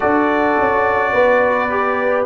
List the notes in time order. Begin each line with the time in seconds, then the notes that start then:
0.00 D4 F#4 A4 D5
0.58 C#4
1.12 B3 B4
1.69 G4